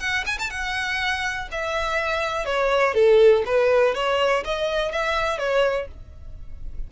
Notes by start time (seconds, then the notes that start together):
0.00 F#5
0.26 G#5
0.39 A5
0.51 F#5
1.52 E5
2.46 C#5
2.94 A4
3.46 B4
3.95 C#5
4.45 D#5
4.92 E5
5.39 C#5